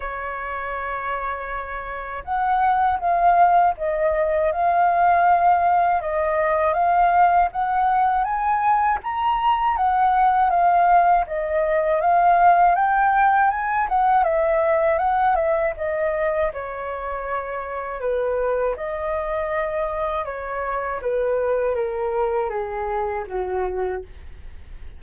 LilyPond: \new Staff \with { instrumentName = "flute" } { \time 4/4 \tempo 4 = 80 cis''2. fis''4 | f''4 dis''4 f''2 | dis''4 f''4 fis''4 gis''4 | ais''4 fis''4 f''4 dis''4 |
f''4 g''4 gis''8 fis''8 e''4 | fis''8 e''8 dis''4 cis''2 | b'4 dis''2 cis''4 | b'4 ais'4 gis'4 fis'4 | }